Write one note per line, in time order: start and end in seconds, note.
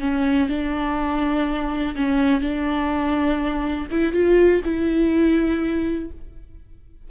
0.00 0.49 C#4
0.49 1.95 D4
1.96 2.41 C#4
2.41 3.87 D4
3.91 4.13 E4
4.13 4.61 F4
4.64 6.11 E4